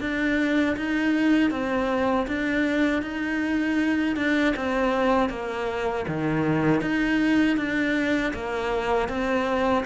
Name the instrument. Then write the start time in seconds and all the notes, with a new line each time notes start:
cello
0.00 D4
0.76 D#4
1.51 C4
2.27 D4
3.02 D#4
4.16 D4
4.56 C4
5.29 A#3
6.08 D#3
6.81 D#4
7.57 D4
8.34 A#3
9.08 C4